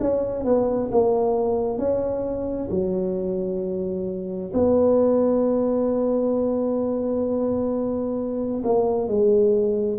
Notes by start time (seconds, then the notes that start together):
0.00 C#4
0.45 B3
0.91 A#3
1.78 C#4
2.70 F#3
4.53 B3
8.64 A#3
9.07 G#3